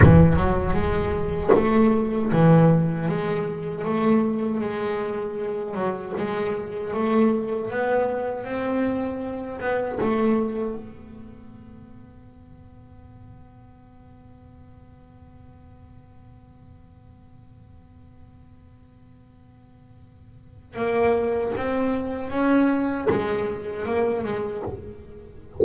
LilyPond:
\new Staff \with { instrumentName = "double bass" } { \time 4/4 \tempo 4 = 78 e8 fis8 gis4 a4 e4 | gis4 a4 gis4. fis8 | gis4 a4 b4 c'4~ | c'8 b8 a4 b2~ |
b1~ | b1~ | b2. ais4 | c'4 cis'4 gis4 ais8 gis8 | }